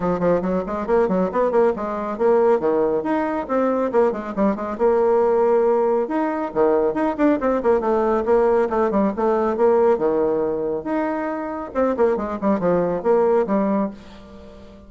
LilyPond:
\new Staff \with { instrumentName = "bassoon" } { \time 4/4 \tempo 4 = 138 fis8 f8 fis8 gis8 ais8 fis8 b8 ais8 | gis4 ais4 dis4 dis'4 | c'4 ais8 gis8 g8 gis8 ais4~ | ais2 dis'4 dis4 |
dis'8 d'8 c'8 ais8 a4 ais4 | a8 g8 a4 ais4 dis4~ | dis4 dis'2 c'8 ais8 | gis8 g8 f4 ais4 g4 | }